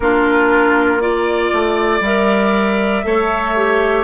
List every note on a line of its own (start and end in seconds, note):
0.00 1.51 A#3
0.00 1.00 D4
0.00 1.02 F4
0.00 1.00 A#4
1.00 2.01 F4
1.00 2.02 D5
1.00 3.05 D5
1.52 2.00 A3
2.00 3.01 G3
2.00 3.03 A#4
2.00 4.04 E5
3.03 4.04 A3
3.03 3.54 A4
3.03 4.04 C#5
3.55 4.04 G4